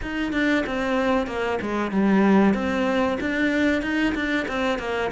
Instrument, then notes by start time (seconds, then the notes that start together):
cello
0.02 D#4
0.32 D4
0.66 C4
1.26 A#3
1.61 G#3
1.91 G3
2.54 C4
3.20 D4
3.82 D#4
4.14 D4
4.48 C4
4.79 A#3